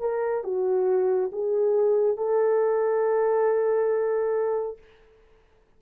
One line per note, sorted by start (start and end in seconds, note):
0.00 0.43 A#4
0.43 1.30 F#4
1.32 2.17 G#4
2.17 4.78 A4